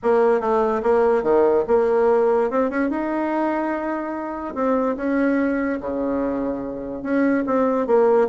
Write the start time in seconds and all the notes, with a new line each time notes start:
0.02 A#3
0.40 A3
0.83 A#3
1.22 D#3
1.67 A#3
2.50 C4
2.70 C#4
2.90 D#4
4.54 C4
4.96 C#4
5.80 C#3
7.03 C#4
7.46 C4
7.86 A#3